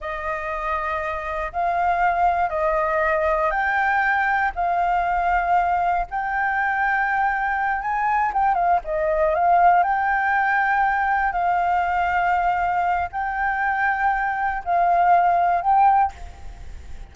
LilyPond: \new Staff \with { instrumentName = "flute" } { \time 4/4 \tempo 4 = 119 dis''2. f''4~ | f''4 dis''2 g''4~ | g''4 f''2. | g''2.~ g''8 gis''8~ |
gis''8 g''8 f''8 dis''4 f''4 g''8~ | g''2~ g''8 f''4.~ | f''2 g''2~ | g''4 f''2 g''4 | }